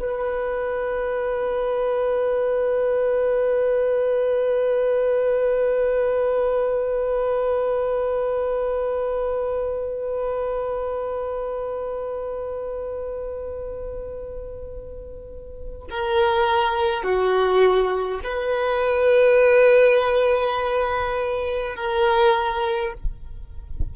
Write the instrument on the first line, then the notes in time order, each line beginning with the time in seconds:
violin
0.00 B4
15.90 A#4
17.04 F#4
18.24 B4
21.76 A#4